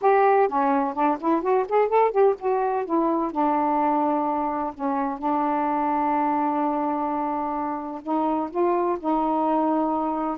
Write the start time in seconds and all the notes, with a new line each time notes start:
0.01 G4
0.48 C#4
0.93 D4
1.20 E4
1.42 F#4
1.69 G#4
1.88 A4
2.11 G4
2.39 F#4
2.85 E4
3.31 D4
4.74 C#4
5.18 D4
8.02 D#4
8.50 F4
8.99 D#4